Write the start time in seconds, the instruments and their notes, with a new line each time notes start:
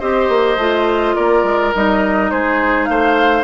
0.00 bassoon C4, clarinet G4, oboe C5, flute D#5
0.29 bassoon A#3
0.57 bassoon A3, clarinet F4
1.15 bassoon A#3, oboe A#4, flute D5
1.44 bassoon G#3
1.74 bassoon G3, clarinet D#4, flute D#5
2.31 bassoon G#3, oboe G#4, flute C5
2.85 bassoon A3, oboe C5, flute F5